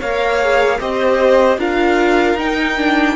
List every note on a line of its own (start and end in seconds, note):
0.00 0.80 A#3
0.00 0.42 A#4
0.00 0.79 C#5
0.00 0.81 F5
0.42 0.80 G#4
0.80 1.58 C4
0.80 1.59 G4
0.80 1.59 C5
0.80 1.60 D#5
1.58 2.35 D4
1.58 2.38 F4
1.58 3.16 A#4
1.58 2.39 F5
2.35 3.14 D#4
2.35 2.78 D#4
2.35 3.16 G5
2.78 3.16 D4